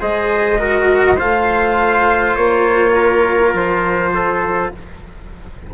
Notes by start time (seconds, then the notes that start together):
0.00 G#3 G#4 C5 D#5
0.58 F#4 A#4
1.16 A3 F4 C5 F5
2.36 A#3 C#5
2.94 A#4
3.53 F3 C5
4.14 A4